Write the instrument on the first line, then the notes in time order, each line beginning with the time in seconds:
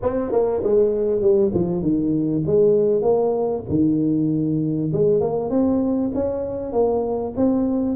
tuba
0.02 C4
0.31 A#3
0.63 G#3
1.21 G3
1.54 F3
1.82 D#3
2.46 G#3
3.02 A#3
3.69 D#3
4.92 G#3
5.20 A#3
5.50 C4
6.14 C#4
6.72 A#3
7.36 C4